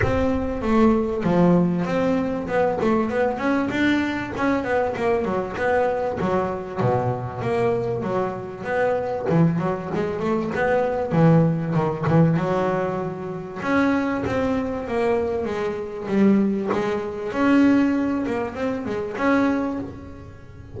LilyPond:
\new Staff \with { instrumentName = "double bass" } { \time 4/4 \tempo 4 = 97 c'4 a4 f4 c'4 | b8 a8 b8 cis'8 d'4 cis'8 b8 | ais8 fis8 b4 fis4 b,4 | ais4 fis4 b4 e8 fis8 |
gis8 a8 b4 e4 dis8 e8 | fis2 cis'4 c'4 | ais4 gis4 g4 gis4 | cis'4. ais8 c'8 gis8 cis'4 | }